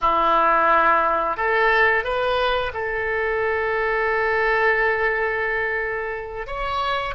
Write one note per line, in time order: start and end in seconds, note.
0.01 1.36 E4
1.36 2.03 A4
2.03 2.71 B4
2.73 6.46 A4
6.46 7.14 C#5